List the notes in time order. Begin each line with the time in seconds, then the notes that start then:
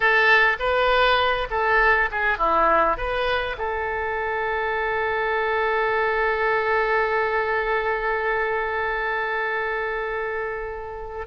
0.00 A4
0.59 B4
1.50 A4
2.11 G#4
2.38 E4
2.97 B4
3.58 A4